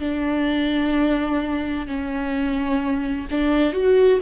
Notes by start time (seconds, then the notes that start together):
0.00 D4
1.87 C#4
3.31 D4
3.73 F#4